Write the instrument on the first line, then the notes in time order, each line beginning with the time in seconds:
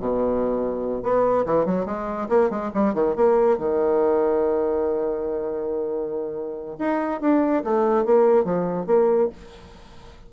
bassoon
0.00 B2
1.03 B3
1.46 E3
1.66 F#3
1.86 G#3
2.29 A#3
2.50 G#3
2.74 G3
2.94 D#3
3.16 A#3
3.58 D#3
6.79 D#4
7.21 D4
7.64 A3
8.05 A#3
8.44 F3
8.87 A#3